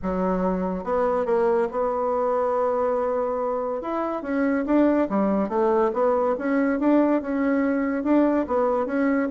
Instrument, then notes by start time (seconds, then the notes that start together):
bassoon
0.02 F#3
0.84 B3
1.25 A#3
1.71 B3
3.81 E4
4.22 C#4
4.66 D4
5.09 G3
5.49 A3
5.93 B3
6.38 C#4
6.79 D4
7.21 C#4
8.03 D4
8.47 B3
8.86 C#4